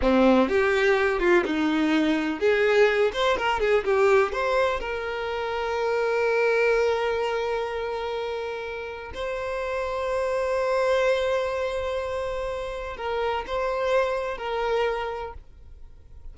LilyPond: \new Staff \with { instrumentName = "violin" } { \time 4/4 \tempo 4 = 125 c'4 g'4. f'8 dis'4~ | dis'4 gis'4. c''8 ais'8 gis'8 | g'4 c''4 ais'2~ | ais'1~ |
ais'2. c''4~ | c''1~ | c''2. ais'4 | c''2 ais'2 | }